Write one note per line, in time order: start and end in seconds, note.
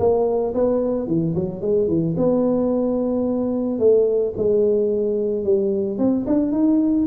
0.00 0.55 A#3
0.55 1.07 B3
1.07 1.35 E3
1.35 1.62 F#3
1.62 1.88 G#3
1.88 2.15 E3
2.17 3.79 B3
3.79 4.34 A3
4.38 5.45 G#3
5.45 5.99 G3
5.99 6.26 C4
6.27 6.52 D4
6.52 7.07 D#4